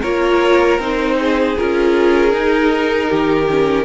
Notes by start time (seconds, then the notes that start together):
0.00 A#3 F4 A#4 C#5
0.78 C4 D#4 C5
1.19 G#4
1.57 C#4 F4 A#4
2.30 D#4
3.09 D#3 G4
3.50 C#4